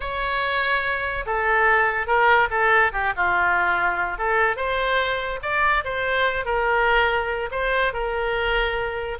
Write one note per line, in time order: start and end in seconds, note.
0.00 1.25 C#5
1.25 2.06 A4
2.06 2.48 A#4
2.50 2.92 A4
2.92 3.13 G4
3.16 4.18 F4
4.18 4.56 A4
4.56 5.39 C5
5.42 5.84 D5
5.84 6.45 C5
6.45 7.49 A#4
7.51 7.93 C5
7.93 9.18 A#4